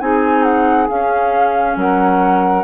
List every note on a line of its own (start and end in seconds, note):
0.00 0.88 C4
0.00 0.88 D#4
0.00 1.77 G#4
0.00 0.43 G#5
0.43 0.87 F#5
0.89 2.64 C#4
0.89 1.76 C#4
0.89 1.77 F5
1.76 2.64 F#3
1.76 2.64 A#4
1.76 2.64 F#5